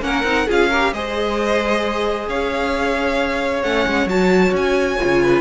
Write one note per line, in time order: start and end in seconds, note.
0.00 0.23 A#3
0.00 0.23 C#4
0.00 0.47 A#4
0.00 0.48 F#5
0.23 0.46 C4
0.23 0.47 D#4
0.47 0.92 C#4
0.47 0.71 F4
0.47 0.69 G#4
0.47 0.93 F5
0.69 0.94 G4
0.69 0.92 A#4
0.92 2.28 G#3
0.92 3.64 G#4
0.92 2.29 C5
0.92 2.28 D#5
2.28 3.63 C#4
2.28 5.22 C#5
2.28 3.62 F5
3.62 3.86 A3
3.62 4.09 C#4
3.62 4.08 F#5
3.87 4.06 G#3
4.06 4.51 F#3
4.06 5.00 F#4
4.06 4.54 A5
4.52 4.97 C#4
4.52 5.40 G#5
5.00 5.40 C#3
5.00 5.40 F4
5.22 5.40 B4